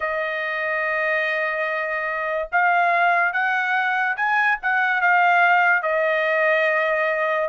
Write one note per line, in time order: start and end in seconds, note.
0.00 2.48 D#5
2.52 3.32 F5
3.32 4.16 F#5
4.16 4.58 G#5
4.62 5.01 F#5
5.01 5.82 F5
5.82 7.48 D#5